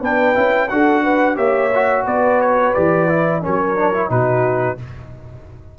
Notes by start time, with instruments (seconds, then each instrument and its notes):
0.00 tuba B3, trombone D4, horn B4, trumpet G5
0.34 tuba C#4, trombone E4
0.68 tuba D4, trombone F#4, horn A4, trumpet F#5
1.03 horn B4
1.36 tuba A#3, trombone G4, horn C#5, trumpet E5
1.74 trombone F#4
2.04 tuba B3, horn B4, trumpet D5
2.40 trumpet C#5
2.73 tuba E3, trombone G4, trumpet D5
3.08 trombone E4
3.41 tuba F#3, trombone C#4, horn A#4, trumpet C#5
3.76 trombone D4
3.93 trombone E4
4.08 tuba B2, trombone D#4, horn F#4, trumpet B4